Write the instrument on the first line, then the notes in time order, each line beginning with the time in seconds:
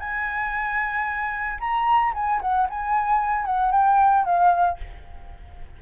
flute
0.00 G#5
1.60 A#5
2.15 G#5
2.42 F#5
2.70 G#5
3.46 F#5
3.72 G5
4.26 F5